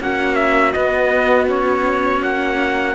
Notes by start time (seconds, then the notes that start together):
0.00 A#3 C#4 F#4 F#5
0.35 E5
0.73 B3 D#5
1.47 C#4 C#5
2.22 A#3 F#5